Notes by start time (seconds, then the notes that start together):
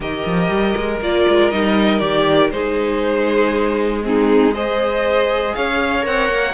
0.00 D#3 G4 A#4 D#5
0.25 F3
0.49 G3
0.76 G#3
1.00 A#3 F4 D5
1.28 G#3
1.50 G3 D#4 D#5
1.99 D#3 G4 D5
2.50 G#3 D#4 G#4 C5
4.03 C4 D#4 G#4
4.52 G#4 C5 D#5
5.54 C#4 C#5 F5
6.02 C4 A#4 F#5
6.28 A#3